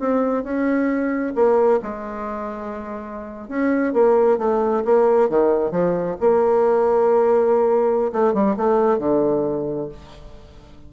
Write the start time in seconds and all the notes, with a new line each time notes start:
0.00 C4
0.44 C#4
1.36 A#3
1.83 G#3
3.49 C#4
3.94 A#3
4.38 A3
4.85 A#3
5.30 D#3
5.72 F3
6.21 A#3
8.13 A3
8.34 G3
8.57 A3
8.99 D3